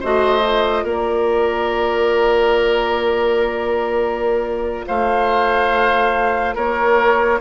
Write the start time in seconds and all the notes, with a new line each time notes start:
0.00 A3 F#4 C5 D#5
0.39 F4
0.83 A#3 A#4 D5
4.86 A3 C5 F5
6.55 A#3 A#4 C#5